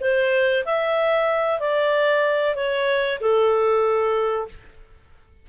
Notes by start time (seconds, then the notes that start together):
0.00 C5
0.65 E5
1.60 D5
2.55 C#5
3.20 A4